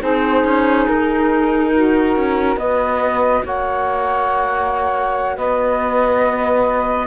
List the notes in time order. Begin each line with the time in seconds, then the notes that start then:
0.00 C4 D#4 G#4 C5
0.44 C#4
0.87 D#4 A#4
1.73 F#4
2.16 C#4
2.56 B3 F#4 B4 D#5
3.44 A#3 C#5 F#5
5.35 B3 B4 D#5